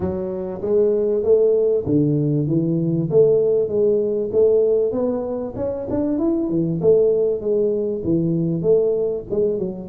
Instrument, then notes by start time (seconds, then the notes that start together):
tuba
0.00 F#3
0.61 G#3
1.23 A3
1.85 D3
2.47 E3
3.10 A3
3.68 G#3
4.32 A3
4.92 B3
5.56 C#4
5.89 D4
6.18 E4
6.49 E3
6.81 A3
7.40 G#3
8.04 E3
8.62 A3
9.30 G#3
9.58 F#3